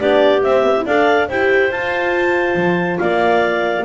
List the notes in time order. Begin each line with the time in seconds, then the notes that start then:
0.00 B3 D4 G4 D5
0.43 C4 E5
0.63 B3
0.78 E4
0.86 D4 A4 D5 F5
1.29 E4 G4 C5 G5
1.72 F4 A5
2.56 F3
2.99 A#3 D5 F5